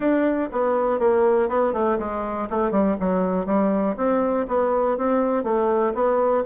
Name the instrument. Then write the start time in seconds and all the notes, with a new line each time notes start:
bassoon
0.00 D4
0.52 B3
0.99 A#3
1.49 B3
1.73 A3
1.98 G#3
2.50 A3
2.71 G3
3.00 F#3
3.46 G3
3.96 C4
4.48 B3
4.97 C4
5.43 A3
5.94 B3